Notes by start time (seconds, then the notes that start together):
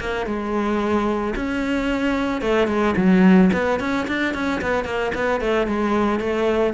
0.00 A#3
0.26 G#3
1.36 C#4
2.42 A3
2.68 G#3
2.97 F#3
3.53 B3
3.80 C#4
4.08 D4
4.34 C#4
4.62 B3
4.85 A#3
5.15 B3
5.41 A3
5.67 G#3
6.20 A3